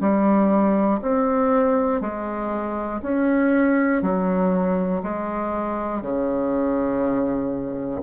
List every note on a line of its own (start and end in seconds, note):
0.00 1.00 G3
1.02 2.01 C4
2.01 3.01 G#3
3.02 4.02 C#4
4.02 5.02 F#3
5.02 6.02 G#3
6.02 8.02 C#3